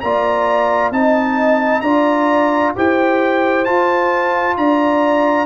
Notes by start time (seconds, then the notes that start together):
0.00 A#3 F4 D5 A#5
0.91 C4 D#4 D#5 A5
1.81 D4 F4 D5 A#5
2.75 E4 G4 C5 G5
3.65 F4 A5
4.57 D4 D5 A#5